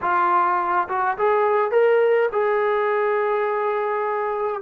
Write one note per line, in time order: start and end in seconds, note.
0.01 0.88 F4
0.88 1.17 F#4
1.17 1.71 G#4
1.71 2.29 A#4
2.32 4.61 G#4